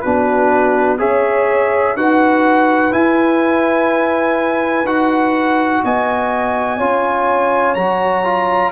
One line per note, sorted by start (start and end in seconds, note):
0.00 0.99 B3
0.00 0.98 D4
0.00 0.99 F#4
0.00 0.97 B4
0.98 1.95 C#4
0.98 1.95 G#4
0.98 1.95 C#5
0.98 1.96 E5
1.95 2.92 D#4
1.95 2.91 F#4
1.95 5.84 B4
1.95 2.93 F#5
2.91 4.84 E4
2.91 4.83 E4
2.91 4.86 G#5
4.83 5.79 D#4
4.83 6.79 F#4
4.83 5.83 F#5
5.83 6.80 B3
5.83 6.77 D#5
5.83 7.74 G#5
6.77 7.75 C#4
6.77 7.76 F4
6.77 8.71 C#5
7.74 8.71 F#3
7.74 8.23 F#4
7.74 8.71 A#5
8.23 8.71 F4